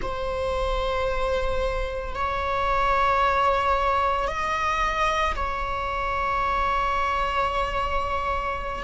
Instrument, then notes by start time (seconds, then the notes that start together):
viola
0.01 C5
2.15 C#5
4.27 D#5
5.35 C#5